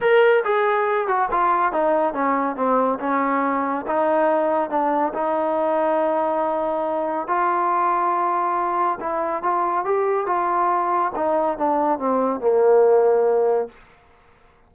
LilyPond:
\new Staff \with { instrumentName = "trombone" } { \time 4/4 \tempo 4 = 140 ais'4 gis'4. fis'8 f'4 | dis'4 cis'4 c'4 cis'4~ | cis'4 dis'2 d'4 | dis'1~ |
dis'4 f'2.~ | f'4 e'4 f'4 g'4 | f'2 dis'4 d'4 | c'4 ais2. | }